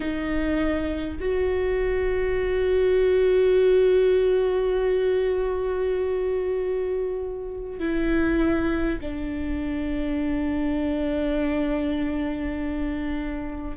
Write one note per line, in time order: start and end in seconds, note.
0.00 1.18 D#4
1.19 7.79 F#4
7.79 8.99 E4
9.01 13.77 D4